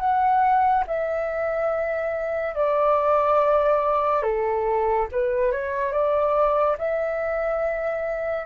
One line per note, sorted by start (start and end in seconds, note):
0.00 0.85 F#5
0.87 2.55 E5
2.55 4.23 D5
4.23 5.07 A4
5.12 5.52 B4
5.52 5.92 C#5
5.92 6.77 D5
6.79 8.47 E5